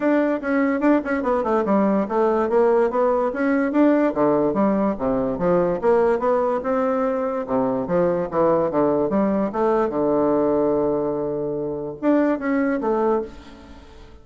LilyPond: \new Staff \with { instrumentName = "bassoon" } { \time 4/4 \tempo 4 = 145 d'4 cis'4 d'8 cis'8 b8 a8 | g4 a4 ais4 b4 | cis'4 d'4 d4 g4 | c4 f4 ais4 b4 |
c'2 c4 f4 | e4 d4 g4 a4 | d1~ | d4 d'4 cis'4 a4 | }